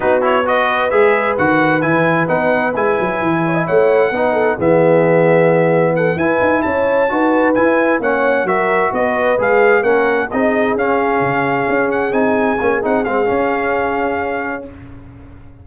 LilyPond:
<<
  \new Staff \with { instrumentName = "trumpet" } { \time 4/4 \tempo 4 = 131 b'8 cis''8 dis''4 e''4 fis''4 | gis''4 fis''4 gis''2 | fis''2 e''2~ | e''4 fis''8 gis''4 a''4.~ |
a''8 gis''4 fis''4 e''4 dis''8~ | dis''8 f''4 fis''4 dis''4 f''8~ | f''2 fis''8 gis''4. | fis''8 f''2.~ f''8 | }
  \new Staff \with { instrumentName = "horn" } { \time 4/4 fis'4 b'2.~ | b'2.~ b'8 cis''16 dis''16 | cis''4 b'8 a'8 gis'2~ | gis'4 a'8 b'4 cis''4 b'8~ |
b'4. cis''4 ais'4 b'8~ | b'4. ais'4 gis'4.~ | gis'1~ | gis'1 | }
  \new Staff \with { instrumentName = "trombone" } { \time 4/4 dis'8 e'8 fis'4 gis'4 fis'4 | e'4 dis'4 e'2~ | e'4 dis'4 b2~ | b4. e'2 fis'8~ |
fis'8 e'4 cis'4 fis'4.~ | fis'8 gis'4 cis'4 dis'4 cis'8~ | cis'2~ cis'8 dis'4 cis'8 | dis'8 c'8 cis'2. | }
  \new Staff \with { instrumentName = "tuba" } { \time 4/4 b2 gis4 dis4 | e4 b4 gis8 fis8 e4 | a4 b4 e2~ | e4. e'8 dis'8 cis'4 dis'8~ |
dis'8 e'4 ais4 fis4 b8~ | b8 gis4 ais4 c'4 cis'8~ | cis'8 cis4 cis'4 c'4 ais8 | c'8 gis8 cis'2. | }
>>